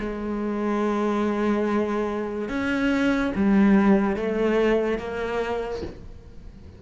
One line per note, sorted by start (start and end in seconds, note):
0.00 2.49 G#3
2.49 3.32 C#4
3.36 4.16 G3
4.16 4.98 A3
4.98 5.82 A#3